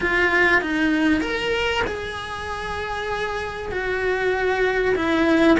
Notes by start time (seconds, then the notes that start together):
0.00 F4
0.61 D#4
1.20 A#4
1.86 G#4
3.71 F#4
4.95 E4